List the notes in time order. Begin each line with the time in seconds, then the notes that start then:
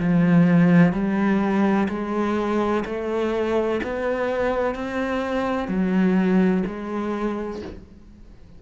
0.00 F3
0.93 G3
1.89 G#3
2.86 A3
3.84 B3
4.76 C4
5.69 F#3
6.67 G#3